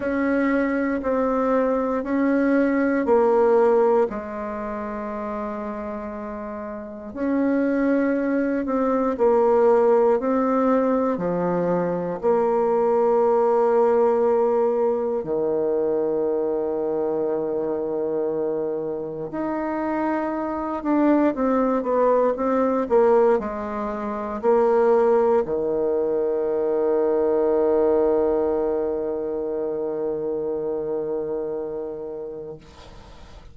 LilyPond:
\new Staff \with { instrumentName = "bassoon" } { \time 4/4 \tempo 4 = 59 cis'4 c'4 cis'4 ais4 | gis2. cis'4~ | cis'8 c'8 ais4 c'4 f4 | ais2. dis4~ |
dis2. dis'4~ | dis'8 d'8 c'8 b8 c'8 ais8 gis4 | ais4 dis2.~ | dis1 | }